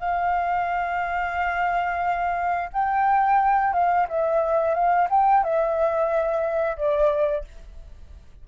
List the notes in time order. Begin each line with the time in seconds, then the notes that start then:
0.00 F5
2.73 G5
3.73 F5
4.09 E5
4.74 F5
5.10 G5
5.44 E5
6.77 D5